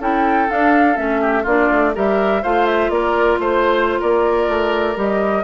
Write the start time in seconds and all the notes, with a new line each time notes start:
0.00 C#4 E4 A4 G5
0.49 D4 F5
0.95 A3 C#4 E5
1.21 G4
1.43 A#3 D4 F4 D5
1.71 A3
1.95 G3 G4 A#4 E5
2.42 A3 F4 C5 F5
2.67 E5
2.90 A#3 A#4 D5
3.39 A3 C5
4.00 A#3 A#4 D5
4.48 A3
4.96 G3 G4 D#5